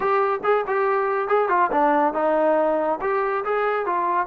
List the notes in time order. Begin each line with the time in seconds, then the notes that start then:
0.00 G4
0.43 G#4
0.67 G4
1.28 G#4
1.48 F4
1.71 D4
2.13 D#4
3.01 G4
3.44 G#4
3.86 F4